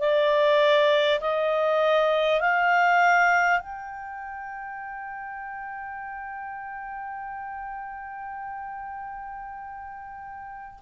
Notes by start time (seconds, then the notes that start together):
0.00 D5
1.21 D#5
2.41 F5
3.59 G5